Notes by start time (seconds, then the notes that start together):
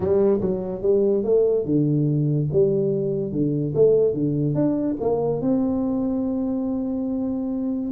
0.00 G3
0.40 F#3
0.82 G3
1.23 A3
1.65 D3
2.52 G3
3.32 D3
3.74 A3
4.13 D3
4.54 D4
5.00 A#3
5.41 C4